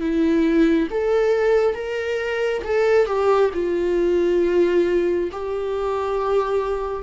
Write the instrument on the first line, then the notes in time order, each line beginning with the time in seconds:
viola
0.00 E4
0.91 A4
1.74 A#4
2.64 A4
3.06 G4
3.54 F4
5.32 G4